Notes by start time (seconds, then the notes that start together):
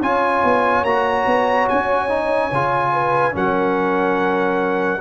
0.00 C#4 F4 C#5 G#5
0.44 B3
0.84 A#3 F#4 A#5
1.26 B3
1.69 C#4 G#5
2.09 D#4
2.51 C#3 F4
2.93 B4
3.32 F#3 C#4 A#4 F#5